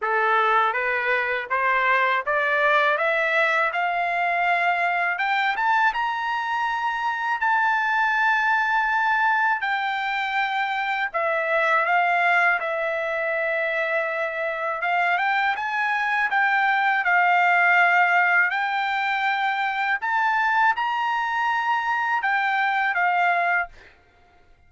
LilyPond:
\new Staff \with { instrumentName = "trumpet" } { \time 4/4 \tempo 4 = 81 a'4 b'4 c''4 d''4 | e''4 f''2 g''8 a''8 | ais''2 a''2~ | a''4 g''2 e''4 |
f''4 e''2. | f''8 g''8 gis''4 g''4 f''4~ | f''4 g''2 a''4 | ais''2 g''4 f''4 | }